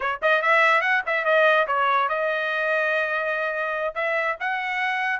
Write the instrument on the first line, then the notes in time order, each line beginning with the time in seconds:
trumpet
0.00 C#5
0.21 D#5
0.41 E5
0.81 F#5
1.06 E5
1.24 D#5
1.67 C#5
2.09 D#5
3.94 E5
4.40 F#5